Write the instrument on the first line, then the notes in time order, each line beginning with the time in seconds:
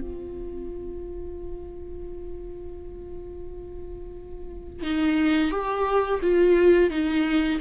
viola
0.00 F4
4.82 D#4
5.51 G4
6.22 F4
6.90 D#4